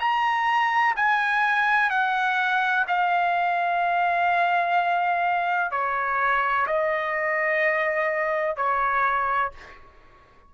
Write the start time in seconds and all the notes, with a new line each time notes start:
0.00 A#5
0.97 G#5
1.90 F#5
2.88 F5
5.71 C#5
6.67 D#5
8.57 C#5